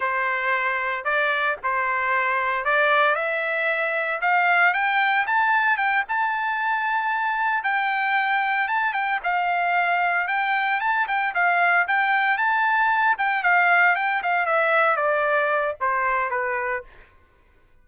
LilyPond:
\new Staff \with { instrumentName = "trumpet" } { \time 4/4 \tempo 4 = 114 c''2 d''4 c''4~ | c''4 d''4 e''2 | f''4 g''4 a''4 g''8 a''8~ | a''2~ a''8 g''4.~ |
g''8 a''8 g''8 f''2 g''8~ | g''8 a''8 g''8 f''4 g''4 a''8~ | a''4 g''8 f''4 g''8 f''8 e''8~ | e''8 d''4. c''4 b'4 | }